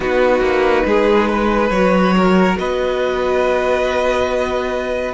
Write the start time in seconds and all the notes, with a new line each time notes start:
0.00 B3 D#4 F#4 B4
0.40 A#3
0.85 G#3 G#4
1.29 B4
1.69 F#3 F#4 C#5
2.16 A#4
2.58 B3 B4 D#5